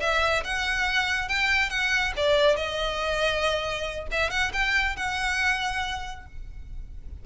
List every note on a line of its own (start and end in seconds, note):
0.00 0.43 E5
0.44 1.29 F#5
1.29 1.70 G5
1.70 2.13 F#5
2.17 2.56 D5
2.56 4.07 D#5
4.11 4.30 E5
4.30 4.52 F#5
4.53 4.96 G5
4.96 6.26 F#5